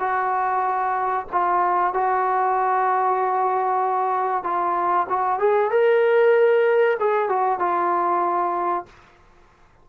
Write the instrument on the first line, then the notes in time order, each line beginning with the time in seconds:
trombone
0.00 F#4
1.32 F4
1.94 F#4
4.44 F4
5.09 F#4
5.39 G#4
5.71 A#4
7.00 G#4
7.29 F#4
7.60 F4